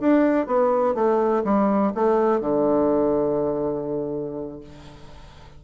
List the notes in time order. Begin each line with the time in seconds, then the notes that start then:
0.00 D4
0.46 B3
0.95 A3
1.44 G3
1.95 A3
2.41 D3